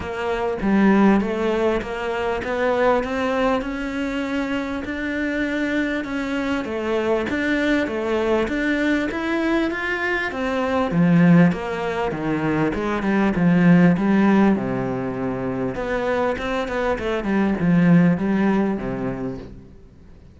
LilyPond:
\new Staff \with { instrumentName = "cello" } { \time 4/4 \tempo 4 = 99 ais4 g4 a4 ais4 | b4 c'4 cis'2 | d'2 cis'4 a4 | d'4 a4 d'4 e'4 |
f'4 c'4 f4 ais4 | dis4 gis8 g8 f4 g4 | c2 b4 c'8 b8 | a8 g8 f4 g4 c4 | }